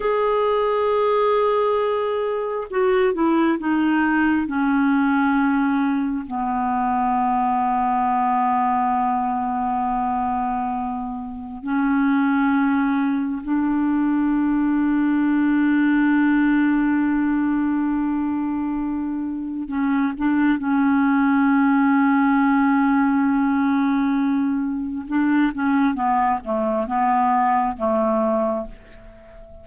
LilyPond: \new Staff \with { instrumentName = "clarinet" } { \time 4/4 \tempo 4 = 67 gis'2. fis'8 e'8 | dis'4 cis'2 b4~ | b1~ | b4 cis'2 d'4~ |
d'1~ | d'2 cis'8 d'8 cis'4~ | cis'1 | d'8 cis'8 b8 a8 b4 a4 | }